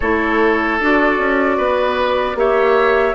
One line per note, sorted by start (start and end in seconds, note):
0.00 0.80 A3
0.00 0.81 E4
0.00 1.57 A4
0.00 0.79 C#5
0.80 1.18 D4
0.80 2.36 F#4
0.80 2.38 D5
1.18 1.57 C#4
1.57 2.35 B3
1.57 2.36 B4
2.35 3.14 A#3
2.35 3.14 G4
2.35 3.14 C#5
2.35 3.14 E5